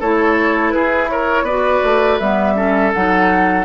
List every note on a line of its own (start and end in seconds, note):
0.00 0.74 A3
0.00 1.48 E4
0.00 0.73 A4
0.00 0.70 C#5
0.70 1.43 E4
0.70 1.10 G#4
0.70 1.07 B4
1.09 1.44 A#4
1.09 1.45 C#5
1.43 1.80 B3
1.43 2.21 F#4
1.43 2.54 B4
1.43 2.19 D5
1.84 2.20 A3
2.19 2.93 G3
2.19 2.56 B3
2.19 2.92 E5
2.56 2.92 C#4
2.56 3.64 A4
2.93 3.64 F#3
2.93 3.64 D#4
2.93 3.64 F#5